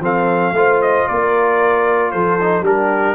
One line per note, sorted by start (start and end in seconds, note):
0.00 0.52 F3
0.00 0.55 C4
0.00 0.54 A4
0.00 0.82 F5
0.52 1.05 A3
0.52 2.40 F4
0.52 1.09 C5
0.82 1.08 D#5
1.08 2.14 A#3
1.08 2.12 A#4
1.08 2.11 D5
2.11 2.61 F3
2.11 2.64 A4
2.11 2.63 C5
2.40 2.64 D#4
2.61 3.14 G3
2.61 3.15 D4
2.61 3.15 G4
2.61 3.15 A#4